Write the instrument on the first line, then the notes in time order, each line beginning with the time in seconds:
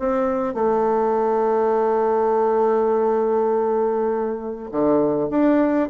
bassoon
0.00 C4
0.55 A3
4.72 D3
5.30 D4